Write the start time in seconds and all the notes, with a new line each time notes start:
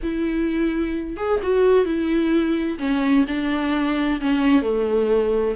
0.02 E4
1.16 G#4
1.42 F#4
1.85 E4
2.78 C#4
3.27 D4
4.21 C#4
4.62 A3